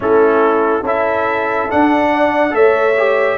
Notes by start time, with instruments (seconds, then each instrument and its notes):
0.00 tuba A3, trombone C#4, horn E4, trumpet A4
0.82 tuba C#4, trombone E4, horn A4, trumpet E5
1.69 trombone D4, tuba D4, trumpet F#5
2.12 horn D5
2.50 tuba A3, trombone A4, horn C#5, trumpet E5
2.97 trombone G4